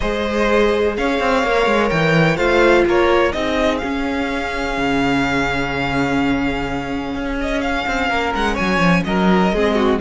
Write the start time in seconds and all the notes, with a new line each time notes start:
0.00 G#3 G#4 C5 D#5
0.97 C#4 C#5 F5
1.19 C4
1.43 A#3 A#4
1.66 G#3
1.89 E3 G5
2.36 A3 F4 C5 F5
2.85 A#3 A#4 C#5
3.32 C4 D#4 G#4 D#5
3.78 C#4 F5
4.77 C#3
7.14 C#4
7.40 D#5
7.61 F5
7.86 C4
8.09 A#3 A#4
8.34 G#3 F#5
8.53 F#3 C#5 G#5
8.78 F3
9.03 F#3 A#4 D#5
9.52 G#3 C4 G#4
9.75 F#4